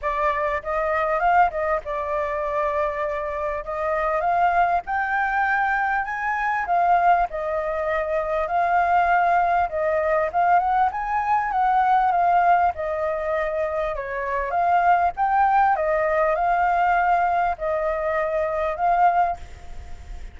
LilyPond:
\new Staff \with { instrumentName = "flute" } { \time 4/4 \tempo 4 = 99 d''4 dis''4 f''8 dis''8 d''4~ | d''2 dis''4 f''4 | g''2 gis''4 f''4 | dis''2 f''2 |
dis''4 f''8 fis''8 gis''4 fis''4 | f''4 dis''2 cis''4 | f''4 g''4 dis''4 f''4~ | f''4 dis''2 f''4 | }